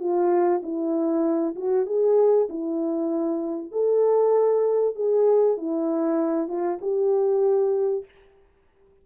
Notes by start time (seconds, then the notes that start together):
0.00 F4
0.63 E4
1.56 F#4
1.86 G#4
2.50 E4
3.72 A4
4.95 G#4
5.58 E4
6.48 F4
6.82 G4